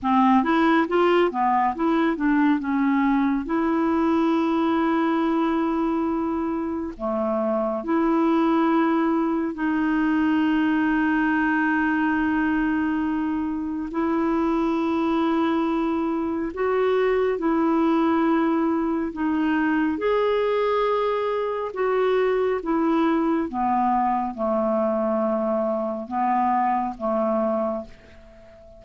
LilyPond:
\new Staff \with { instrumentName = "clarinet" } { \time 4/4 \tempo 4 = 69 c'8 e'8 f'8 b8 e'8 d'8 cis'4 | e'1 | a4 e'2 dis'4~ | dis'1 |
e'2. fis'4 | e'2 dis'4 gis'4~ | gis'4 fis'4 e'4 b4 | a2 b4 a4 | }